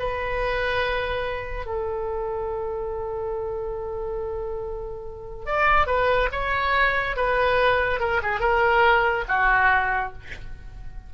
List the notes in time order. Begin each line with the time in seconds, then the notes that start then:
0.00 B4
1.66 A4
5.46 D5
5.87 B4
6.32 C#5
7.16 B4
8.01 A#4
8.23 G#4
8.40 A#4
9.29 F#4